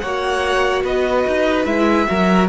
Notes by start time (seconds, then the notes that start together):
0.00 A#3 F#4 C#5 F#5
0.84 B3 B4 D#5
1.27 D#4
1.66 G#3 E4 E5
2.07 F#3 F#4 A#4